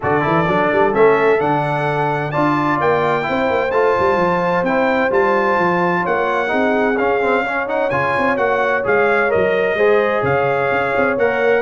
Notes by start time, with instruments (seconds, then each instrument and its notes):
0.00 tuba D3, trombone F#4, horn A4, trumpet D5
0.21 tuba E3, trombone E4
0.47 tuba F#3, trombone D4
0.72 tuba G3
0.92 tuba A3, trombone C#4, trumpet E5
1.39 tuba D3, trombone D4, trumpet F#5
2.31 tuba D4, trombone F4, horn D5, trumpet A5
2.80 tuba A#3, trumpet G5
3.22 trombone E4
3.28 tuba C4, horn C5
3.49 tuba A#3
3.71 tuba A3, trombone F4, trumpet A5
3.99 tuba G3
4.16 tuba F3
4.62 tuba C4, trombone E4, trumpet G5
5.10 tuba G3, trombone F4, trumpet A5
5.58 tuba F3
6.02 tuba A#3, horn C#5, trumpet F#5
6.47 tuba C4, trombone D#4, horn G#4
6.97 tuba C#4, trombone C#4, trumpet F5
7.21 trombone C4
7.44 trombone C#4, horn C#5
7.67 trombone D#4, trumpet F#5
7.90 tuba C#3, trombone F4, trumpet G#5
8.18 tuba C4
8.36 tuba A#3, trombone F#4, trumpet F#5
8.83 tuba G#3, trombone G#4, trumpet F5
9.29 tuba F#3, trombone A#4, trumpet D#5
9.74 tuba G#3, trombone G#4, horn C5
10.22 tuba C#3, horn C#5, trumpet F5
10.71 tuba C#4
10.97 tuba C4
11.17 tuba A#3, trombone A#4, trumpet F#5